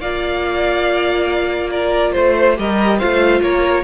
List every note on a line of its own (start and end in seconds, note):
0.00 2.15 A#3
0.00 2.56 F4
0.00 1.71 D5
0.00 1.70 F5
1.71 2.13 A#4
1.71 2.12 D5
2.12 2.58 A3
2.12 2.55 C5
2.12 2.59 C5
2.56 3.01 G3
2.56 2.99 G4
2.56 2.99 A#4
2.56 2.99 D#5
2.99 3.41 A3
2.99 3.84 F4
2.99 3.41 C5
2.99 3.42 F5
3.41 3.83 A#3
3.41 3.84 A#4
3.41 3.84 C#5